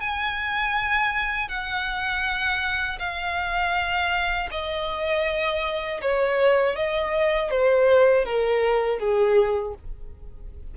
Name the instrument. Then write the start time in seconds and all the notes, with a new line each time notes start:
violin
0.00 G#5
1.48 F#5
2.98 F5
4.50 D#5
6.01 C#5
6.75 D#5
7.50 C5
8.25 A#4
8.99 G#4